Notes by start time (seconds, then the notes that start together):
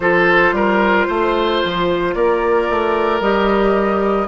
0.00 F3 F4 A4 C5
0.52 G3 A#4
1.07 A3 C5
1.64 F3
2.14 A#3 A#4 D5
2.69 A3
3.20 G3 G4 D#5